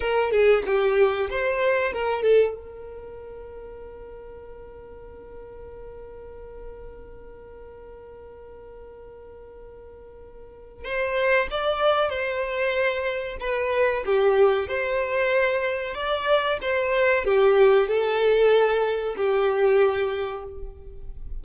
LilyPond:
\new Staff \with { instrumentName = "violin" } { \time 4/4 \tempo 4 = 94 ais'8 gis'8 g'4 c''4 ais'8 a'8 | ais'1~ | ais'1~ | ais'1~ |
ais'4 c''4 d''4 c''4~ | c''4 b'4 g'4 c''4~ | c''4 d''4 c''4 g'4 | a'2 g'2 | }